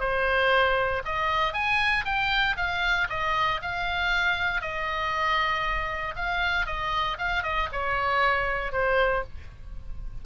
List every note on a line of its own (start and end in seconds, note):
0.00 1.03 C5
1.05 1.53 D#5
1.53 2.05 G#5
2.05 2.56 G5
2.57 3.08 F5
3.10 3.61 D#5
3.62 4.61 F5
4.61 6.15 D#5
6.16 6.66 F5
6.66 7.17 D#5
7.18 7.43 F5
7.43 7.69 D#5
7.72 8.72 C#5
8.72 9.23 C5